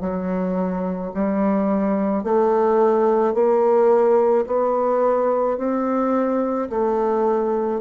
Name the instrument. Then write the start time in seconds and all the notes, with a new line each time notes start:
bassoon
0.00 F#3
1.14 G3
2.23 A3
3.34 A#3
4.46 B3
5.57 C4
6.69 A3